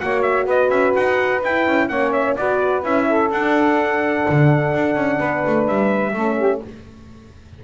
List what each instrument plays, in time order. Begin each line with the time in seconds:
0.00 double bass A#3, horn F#4, saxophone C#5, trumpet F#5
0.23 trumpet E5
0.46 double bass B3, saxophone B4, trumpet D#5
0.70 double bass C#4, trumpet E5
0.96 double bass D#4, trumpet F#5
1.44 double bass E4, horn E4, trumpet G5
1.67 double bass C#4
1.89 double bass A#3, horn C#4, saxophone C#5, trumpet F#5
2.13 trumpet E5
2.37 double bass B3, horn F#4, saxophone B4, trumpet D5
2.83 double bass C#4, horn E4, trumpet E5
3.08 saxophone A4
3.31 double bass D4, horn D4, trumpet F#5
4.30 double bass D3
4.75 double bass D4
4.96 double bass C#4
5.18 double bass B3, saxophone B4
5.47 double bass A3
5.67 double bass G3, trumpet E5
6.14 double bass A3, horn C#4, saxophone A4
6.37 saxophone G4